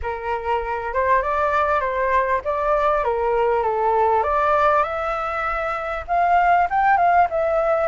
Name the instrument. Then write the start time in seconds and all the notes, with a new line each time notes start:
flute
0.02 A#4
0.93 C5
1.21 D5
1.80 C5
2.44 D5
3.04 A#4
3.62 A4
4.23 D5
4.83 E5
6.07 F5
6.69 G5
6.97 F5
7.29 E5